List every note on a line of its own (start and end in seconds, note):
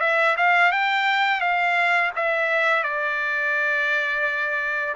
0.00 0.35 E5
0.37 0.72 F5
0.72 1.40 G5
1.40 2.11 F5
2.15 2.83 E5
2.83 4.95 D5